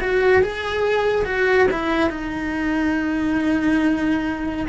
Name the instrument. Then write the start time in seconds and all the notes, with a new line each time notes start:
cello
0.00 F#4
0.42 G#4
1.24 F#4
1.70 E4
2.09 D#4